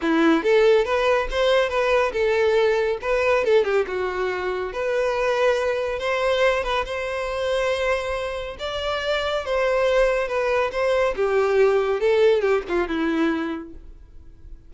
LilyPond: \new Staff \with { instrumentName = "violin" } { \time 4/4 \tempo 4 = 140 e'4 a'4 b'4 c''4 | b'4 a'2 b'4 | a'8 g'8 fis'2 b'4~ | b'2 c''4. b'8 |
c''1 | d''2 c''2 | b'4 c''4 g'2 | a'4 g'8 f'8 e'2 | }